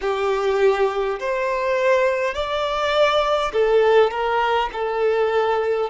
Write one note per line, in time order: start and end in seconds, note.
0.01 1.19 G4
1.19 2.34 C5
2.34 3.51 D5
3.52 4.10 A4
4.10 4.69 A#4
4.72 5.90 A4